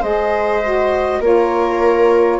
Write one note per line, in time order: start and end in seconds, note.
0.00 1.20 G#3
0.00 0.62 G#4
0.00 1.20 C5
0.00 1.23 D#5
0.62 1.21 F#4
1.20 2.40 A#3
1.20 2.40 F4
1.20 2.40 A#4
1.20 2.40 C#5